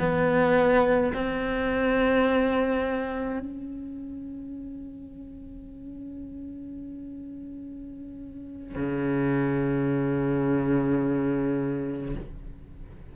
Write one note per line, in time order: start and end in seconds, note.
0.00 1.13 B3
1.14 3.40 C4
3.40 8.76 C#4
8.76 12.16 C#3